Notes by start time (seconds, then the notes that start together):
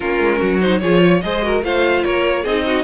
0.00 A#3 C#4 F4 A#4
0.19 G#3
0.39 F#3 F#4
0.60 D#4 C5
0.79 F3 F4 G#4 C#5
1.02 C#5
1.21 G#3 G#4 C5 D#5
1.42 F#4 A#4
1.62 A3 F4 C5 F5
2.03 A#3 A#4 C#5
2.42 C4 D#4 G#4 D#5
2.66 F#4